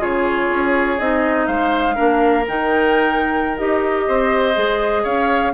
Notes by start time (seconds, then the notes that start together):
0.00 C#3 F4 G#4 C#5
0.49 C#4
0.99 C4 D#4 D#5
1.47 G#3 C5 F5
1.95 A#3 D4 A#4
2.48 D#3 D#4 G5
3.58 D#4 G4 D#5
4.08 C4 C5
4.55 G#3 G#4
5.03 C#4 C#5 F5